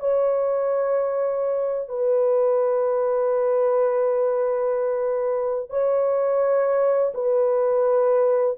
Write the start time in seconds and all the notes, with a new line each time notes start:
0.00 C#5
1.89 B4
5.70 C#5
7.15 B4